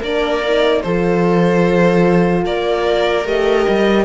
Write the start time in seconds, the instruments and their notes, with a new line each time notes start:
0.00 cello A#3, horn D4, viola A#4, violin D5
0.44 horn D#4
0.82 cello F3, horn F4, viola A4, violin C5
2.45 cello A#3, viola A#4, violin D5
3.25 cello A3, horn G4, violin D#5
3.69 cello G3